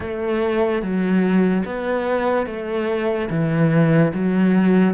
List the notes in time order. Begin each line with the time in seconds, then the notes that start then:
0.00 A3
0.81 F#3
1.65 B3
2.46 A3
3.30 E3
4.13 F#3